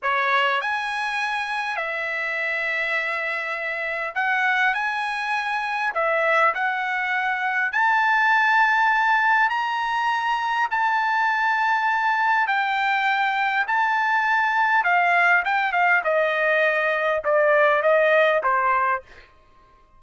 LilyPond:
\new Staff \with { instrumentName = "trumpet" } { \time 4/4 \tempo 4 = 101 cis''4 gis''2 e''4~ | e''2. fis''4 | gis''2 e''4 fis''4~ | fis''4 a''2. |
ais''2 a''2~ | a''4 g''2 a''4~ | a''4 f''4 g''8 f''8 dis''4~ | dis''4 d''4 dis''4 c''4 | }